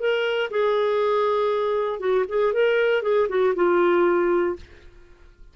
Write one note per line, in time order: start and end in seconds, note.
0.00 0.50 A#4
0.51 2.00 G#4
2.00 2.25 F#4
2.29 2.54 G#4
2.54 3.03 A#4
3.03 3.28 G#4
3.29 3.55 F#4
3.55 4.56 F4